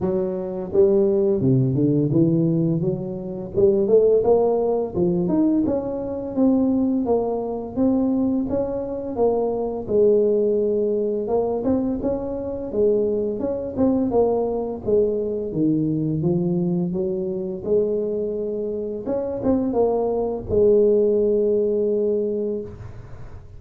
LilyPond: \new Staff \with { instrumentName = "tuba" } { \time 4/4 \tempo 4 = 85 fis4 g4 c8 d8 e4 | fis4 g8 a8 ais4 f8 dis'8 | cis'4 c'4 ais4 c'4 | cis'4 ais4 gis2 |
ais8 c'8 cis'4 gis4 cis'8 c'8 | ais4 gis4 dis4 f4 | fis4 gis2 cis'8 c'8 | ais4 gis2. | }